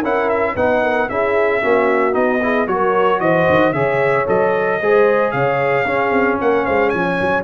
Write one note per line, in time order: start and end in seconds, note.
0.00 0.56 C#4
0.00 0.57 E4
0.00 0.53 A#4
0.00 0.29 F#5
0.29 0.56 E5
0.54 1.09 B3
0.54 1.10 D#4
0.54 0.81 B4
0.54 1.09 F#5
0.83 1.10 A#4
1.09 1.63 C#4
1.09 1.62 E4
1.09 1.63 G#4
1.09 2.14 E5
1.62 2.15 A#3
1.62 2.12 C#4
1.62 2.42 F#4
2.12 2.67 B3
2.12 2.39 D#4
2.12 2.67 D#5
2.43 2.68 E4
2.43 2.69 G#4
2.67 3.20 F#3
2.67 3.74 F#4
2.67 3.22 A#4
2.67 3.20 C#5
3.20 3.47 E3
3.20 3.75 C5
3.20 3.73 D#5
3.50 3.73 D#3
3.73 4.26 C#3
3.73 4.27 G#4
3.73 4.81 C#5
3.73 4.26 E5
4.27 4.82 F#3
4.27 4.80 A4
4.27 5.32 D#5
4.81 5.34 G#3
4.81 5.86 G#4
4.81 5.34 C5
5.32 5.85 C#3
5.32 5.87 C#5
5.32 6.38 F5
5.85 6.11 C#4
5.85 7.44 C#4
5.85 6.40 G#4
6.11 6.37 C4
6.41 6.68 A#3
6.41 6.65 A#4
6.41 6.66 F#5
6.65 6.94 G#3
6.65 6.91 C5
6.65 6.90 F5
6.90 7.21 F3
6.90 7.44 C#5
6.90 7.43 G#5
7.21 7.44 F#3